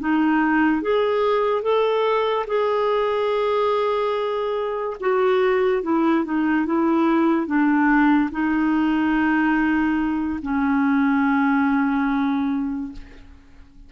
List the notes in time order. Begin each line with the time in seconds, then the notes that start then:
0.00 D#4
0.82 G#4
1.62 A4
2.47 G#4
5.00 F#4
5.83 E4
6.25 D#4
6.66 E4
7.47 D4
8.31 D#4
10.42 C#4